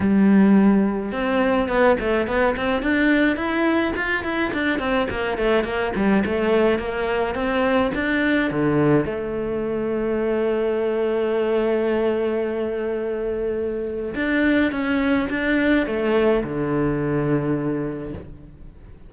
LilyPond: \new Staff \with { instrumentName = "cello" } { \time 4/4 \tempo 4 = 106 g2 c'4 b8 a8 | b8 c'8 d'4 e'4 f'8 e'8 | d'8 c'8 ais8 a8 ais8 g8 a4 | ais4 c'4 d'4 d4 |
a1~ | a1~ | a4 d'4 cis'4 d'4 | a4 d2. | }